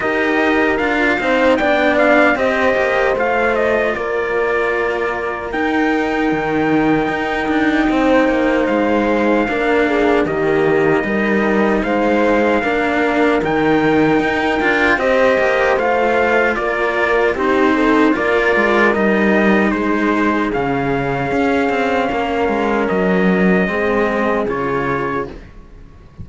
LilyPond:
<<
  \new Staff \with { instrumentName = "trumpet" } { \time 4/4 \tempo 4 = 76 dis''4 f''4 g''8 f''8 dis''4 | f''8 dis''8 d''2 g''4~ | g''2. f''4~ | f''4 dis''2 f''4~ |
f''4 g''2 dis''4 | f''4 d''4 c''4 d''4 | dis''4 c''4 f''2~ | f''4 dis''2 cis''4 | }
  \new Staff \with { instrumentName = "horn" } { \time 4/4 ais'4. c''8 d''4 c''4~ | c''4 ais'2.~ | ais'2 c''2 | ais'8 gis'8 g'4 ais'4 c''4 |
ais'2. c''4~ | c''4 ais'4 g'8 a'8 ais'4~ | ais'4 gis'2. | ais'2 gis'2 | }
  \new Staff \with { instrumentName = "cello" } { \time 4/4 g'4 f'8 dis'8 d'4 g'4 | f'2. dis'4~ | dis'1 | d'4 ais4 dis'2 |
d'4 dis'4. f'8 g'4 | f'2 dis'4 f'4 | dis'2 cis'2~ | cis'2 c'4 f'4 | }
  \new Staff \with { instrumentName = "cello" } { \time 4/4 dis'4 d'8 c'8 b4 c'8 ais8 | a4 ais2 dis'4 | dis4 dis'8 d'8 c'8 ais8 gis4 | ais4 dis4 g4 gis4 |
ais4 dis4 dis'8 d'8 c'8 ais8 | a4 ais4 c'4 ais8 gis8 | g4 gis4 cis4 cis'8 c'8 | ais8 gis8 fis4 gis4 cis4 | }
>>